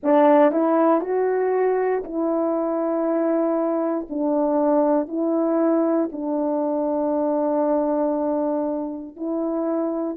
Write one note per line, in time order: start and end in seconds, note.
0.03 0.51 D4
0.51 1.01 E4
1.01 2.02 F#4
2.03 4.07 E4
4.09 5.08 D4
5.08 6.09 E4
6.12 9.16 D4
9.16 10.17 E4